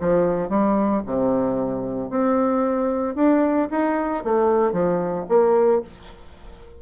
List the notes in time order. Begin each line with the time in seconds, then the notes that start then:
0.00 F3
0.49 G3
1.06 C3
2.09 C4
3.15 D4
3.70 D#4
4.24 A3
4.72 F3
5.29 A#3